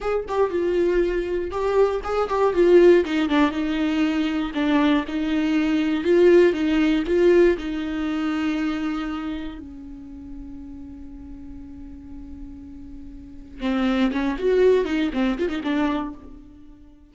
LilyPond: \new Staff \with { instrumentName = "viola" } { \time 4/4 \tempo 4 = 119 gis'8 g'8 f'2 g'4 | gis'8 g'8 f'4 dis'8 d'8 dis'4~ | dis'4 d'4 dis'2 | f'4 dis'4 f'4 dis'4~ |
dis'2. cis'4~ | cis'1~ | cis'2. c'4 | cis'8 fis'4 dis'8 c'8 f'16 dis'16 d'4 | }